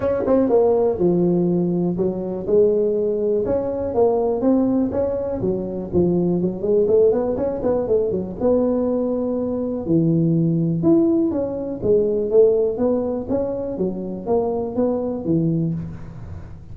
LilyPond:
\new Staff \with { instrumentName = "tuba" } { \time 4/4 \tempo 4 = 122 cis'8 c'8 ais4 f2 | fis4 gis2 cis'4 | ais4 c'4 cis'4 fis4 | f4 fis8 gis8 a8 b8 cis'8 b8 |
a8 fis8 b2. | e2 e'4 cis'4 | gis4 a4 b4 cis'4 | fis4 ais4 b4 e4 | }